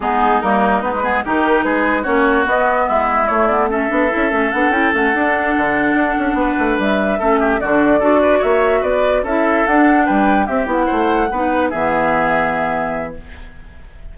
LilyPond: <<
  \new Staff \with { instrumentName = "flute" } { \time 4/4 \tempo 4 = 146 gis'4 ais'4 b'4 ais'4 | b'4 cis''4 dis''4 e''4 | cis''8 d''8 e''2 fis''8 g''8 | fis''1~ |
fis''8 e''2 d''4.~ | d''8 e''4 d''4 e''4 fis''8~ | fis''8 g''4 e''8 fis''2~ | fis''8 e''2.~ e''8 | }
  \new Staff \with { instrumentName = "oboe" } { \time 4/4 dis'2~ dis'8 gis'8 g'4 | gis'4 fis'2 e'4~ | e'4 a'2.~ | a'2.~ a'8 b'8~ |
b'4. a'8 g'8 fis'4 a'8 | b'8 cis''4 b'4 a'4.~ | a'8 b'4 g'4 c''4 b'8~ | b'8 gis'2.~ gis'8 | }
  \new Staff \with { instrumentName = "clarinet" } { \time 4/4 b4 ais4 b16 gis16 b8 dis'4~ | dis'4 cis'4 b2 | a8 b8 cis'8 d'8 e'8 cis'8 d'8 e'8 | cis'8 d'2.~ d'8~ |
d'4. cis'4 d'4 fis'8~ | fis'2~ fis'8 e'4 d'8~ | d'4. c'8 e'4. dis'8~ | dis'8 b2.~ b8 | }
  \new Staff \with { instrumentName = "bassoon" } { \time 4/4 gis4 g4 gis4 dis4 | gis4 ais4 b4 gis4 | a4. b8 cis'8 a8 b8 cis'8 | a8 d'4 d4 d'8 cis'8 b8 |
a8 g4 a4 d4 d'8~ | d'8 ais4 b4 cis'4 d'8~ | d'8 g4 c'8 b8 a4 b8~ | b8 e2.~ e8 | }
>>